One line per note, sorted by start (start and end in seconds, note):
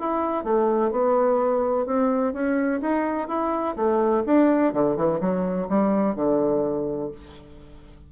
0.00 0.44 E4
0.44 0.91 A3
0.91 1.86 B3
1.86 2.34 C4
2.34 2.81 C#4
2.81 3.28 D#4
3.28 3.76 E4
3.76 4.24 A3
4.26 4.74 D4
4.74 4.97 D3
4.97 5.20 E3
5.21 5.68 F#3
5.69 6.16 G3
6.16 7.11 D3